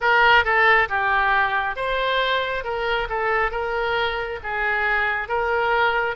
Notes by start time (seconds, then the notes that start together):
0.00 A#4
0.44 A4
0.88 G4
1.76 C5
2.64 A#4
3.09 A4
3.51 A#4
4.43 G#4
5.28 A#4